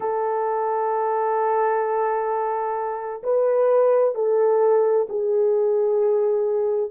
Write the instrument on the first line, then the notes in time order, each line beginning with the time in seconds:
horn
0.00 A4
3.23 B4
4.15 A4
5.09 G#4